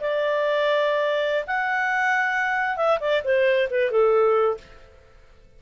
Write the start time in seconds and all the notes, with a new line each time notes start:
0.00 D5
1.47 F#5
2.76 E5
3.00 D5
3.24 C5
3.70 B4
3.91 A4